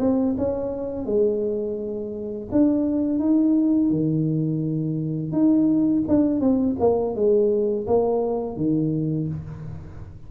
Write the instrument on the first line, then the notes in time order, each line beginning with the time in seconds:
tuba
0.00 C4
0.38 C#4
1.06 G#3
2.52 D4
3.19 D#4
3.91 D#3
5.32 D#4
6.09 D4
6.41 C4
6.80 A#3
7.16 G#3
7.87 A#3
8.57 D#3